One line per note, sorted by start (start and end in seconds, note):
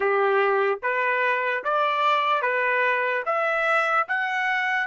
0.00 0.79 G4
0.82 1.63 B4
1.64 2.42 D5
2.42 3.23 B4
3.25 4.06 E5
4.08 4.87 F#5